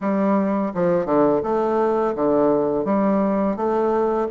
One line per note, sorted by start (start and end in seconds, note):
0.00 0.72 G3
0.74 1.05 F3
1.05 1.41 D3
1.43 2.14 A3
2.15 2.84 D3
2.84 3.56 G3
3.56 4.27 A3